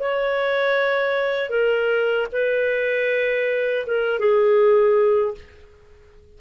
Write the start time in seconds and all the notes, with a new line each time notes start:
0.00 C#5
1.50 A#4
2.33 B4
3.87 A#4
4.19 G#4